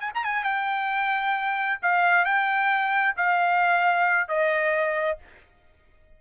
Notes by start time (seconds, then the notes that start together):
0.00 G#5
0.15 A#5
0.24 G#5
0.44 G5
1.82 F5
2.25 G5
3.17 F5
4.28 D#5